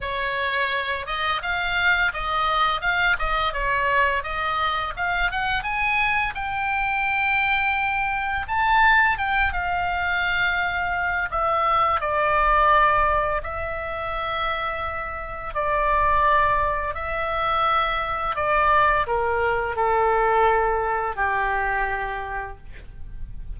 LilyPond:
\new Staff \with { instrumentName = "oboe" } { \time 4/4 \tempo 4 = 85 cis''4. dis''8 f''4 dis''4 | f''8 dis''8 cis''4 dis''4 f''8 fis''8 | gis''4 g''2. | a''4 g''8 f''2~ f''8 |
e''4 d''2 e''4~ | e''2 d''2 | e''2 d''4 ais'4 | a'2 g'2 | }